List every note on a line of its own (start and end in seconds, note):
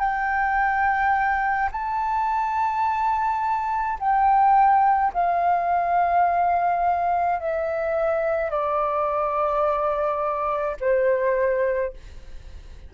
0.00 1.70 G5
1.72 3.98 A5
4.00 5.13 G5
5.14 7.40 F5
7.40 8.51 E5
8.51 10.77 D5
10.81 11.94 C5